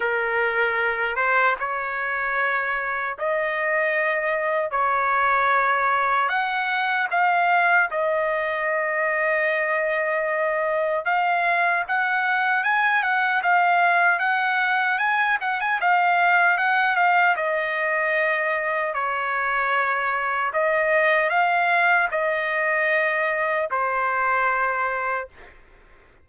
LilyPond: \new Staff \with { instrumentName = "trumpet" } { \time 4/4 \tempo 4 = 76 ais'4. c''8 cis''2 | dis''2 cis''2 | fis''4 f''4 dis''2~ | dis''2 f''4 fis''4 |
gis''8 fis''8 f''4 fis''4 gis''8 fis''16 gis''16 | f''4 fis''8 f''8 dis''2 | cis''2 dis''4 f''4 | dis''2 c''2 | }